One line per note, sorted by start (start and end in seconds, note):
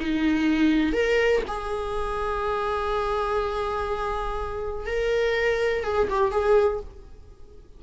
0.00 0.93 D#4
0.93 1.42 A#4
1.48 4.87 G#4
4.87 5.84 A#4
5.84 6.08 G#4
6.10 6.32 G4
6.32 6.81 G#4